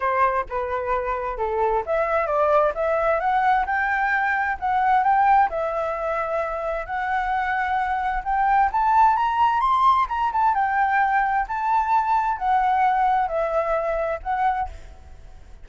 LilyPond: \new Staff \with { instrumentName = "flute" } { \time 4/4 \tempo 4 = 131 c''4 b'2 a'4 | e''4 d''4 e''4 fis''4 | g''2 fis''4 g''4 | e''2. fis''4~ |
fis''2 g''4 a''4 | ais''4 c'''4 ais''8 a''8 g''4~ | g''4 a''2 fis''4~ | fis''4 e''2 fis''4 | }